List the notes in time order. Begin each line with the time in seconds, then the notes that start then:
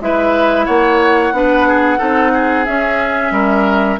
0.00 G#3 E4 B4 E5
0.66 A#3 C#5 F#5
1.32 B3 D4 B4
1.67 G#4
1.98 C4 D#4 A4
2.33 G#4
2.65 C#4 E5
3.31 G3 A#4